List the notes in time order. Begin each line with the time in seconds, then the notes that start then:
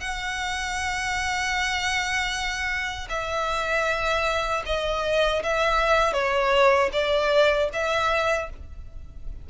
0.00 F#5
3.09 E5
4.65 D#5
5.43 E5
6.13 C#5
6.92 D5
7.73 E5